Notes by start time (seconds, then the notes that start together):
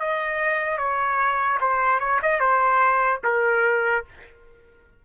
0.00 D#5
0.78 C#5
1.61 C5
2.00 C#5
2.22 D#5
2.40 C5
3.24 A#4